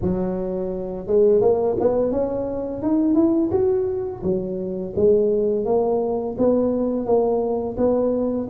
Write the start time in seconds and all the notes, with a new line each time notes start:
0.01 F#3
1.07 G#3
1.41 A#3
1.79 B3
2.11 C#4
2.82 D#4
3.14 E4
3.51 F#4
4.23 F#3
4.96 G#3
5.65 A#3
6.38 B3
7.06 A#3
7.77 B3